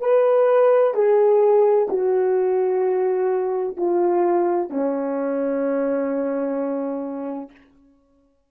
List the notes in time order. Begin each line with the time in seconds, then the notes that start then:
0.00 B4
0.94 G#4
1.89 F#4
3.77 F4
4.70 C#4